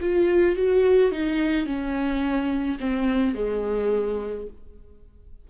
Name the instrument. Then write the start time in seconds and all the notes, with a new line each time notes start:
viola
0.00 F4
0.56 F#4
1.12 D#4
1.66 C#4
2.80 C4
3.35 G#3